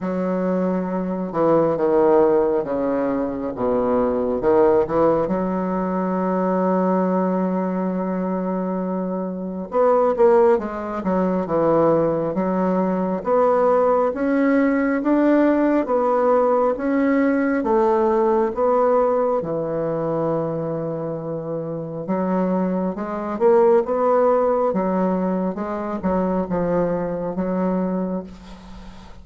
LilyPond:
\new Staff \with { instrumentName = "bassoon" } { \time 4/4 \tempo 4 = 68 fis4. e8 dis4 cis4 | b,4 dis8 e8 fis2~ | fis2. b8 ais8 | gis8 fis8 e4 fis4 b4 |
cis'4 d'4 b4 cis'4 | a4 b4 e2~ | e4 fis4 gis8 ais8 b4 | fis4 gis8 fis8 f4 fis4 | }